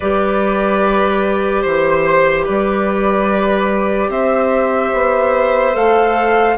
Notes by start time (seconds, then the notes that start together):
0.00 G3 G4 B4 D5
1.62 E3 C5
2.44 G3 B4 D5
4.09 C4 C5 E5
4.93 B3
5.73 A3 A4 F5